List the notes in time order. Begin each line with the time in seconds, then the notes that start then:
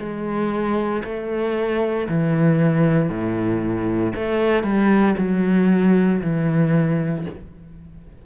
0.00 G#3
1.05 A3
2.09 E3
3.10 A2
4.16 A3
4.64 G3
5.18 F#3
6.22 E3